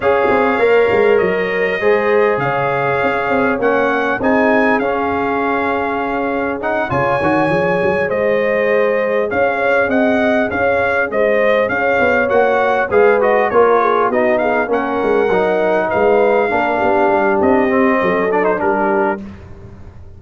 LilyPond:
<<
  \new Staff \with { instrumentName = "trumpet" } { \time 4/4 \tempo 4 = 100 f''2 dis''2 | f''2 fis''4 gis''4 | f''2. fis''8 gis''8~ | gis''4. dis''2 f''8~ |
f''8 fis''4 f''4 dis''4 f''8~ | f''8 fis''4 f''8 dis''8 cis''4 dis''8 | f''8 fis''2 f''4.~ | f''4 dis''4. d''16 c''16 ais'4 | }
  \new Staff \with { instrumentName = "horn" } { \time 4/4 cis''2. c''4 | cis''2. gis'4~ | gis'2.~ gis'8 cis''8~ | cis''4. c''2 cis''8~ |
cis''8 dis''4 cis''4 c''4 cis''8~ | cis''4. b'4 ais'8 gis'8 fis'8 | gis'8 ais'2 b'4 ais'8 | g'2 a'4 g'4 | }
  \new Staff \with { instrumentName = "trombone" } { \time 4/4 gis'4 ais'2 gis'4~ | gis'2 cis'4 dis'4 | cis'2. dis'8 f'8 | fis'8 gis'2.~ gis'8~ |
gis'1~ | gis'8 fis'4 gis'8 fis'8 f'4 dis'8~ | dis'8 cis'4 dis'2 d'8~ | d'4. c'4 d'16 dis'16 d'4 | }
  \new Staff \with { instrumentName = "tuba" } { \time 4/4 cis'8 c'8 ais8 gis8 fis4 gis4 | cis4 cis'8 c'8 ais4 c'4 | cis'2.~ cis'8 cis8 | dis8 f8 fis8 gis2 cis'8~ |
cis'8 c'4 cis'4 gis4 cis'8 | b8 ais4 gis4 ais4 b8~ | b8 ais8 gis8 fis4 gis4 ais8 | b8 g8 c'4 fis4 g4 | }
>>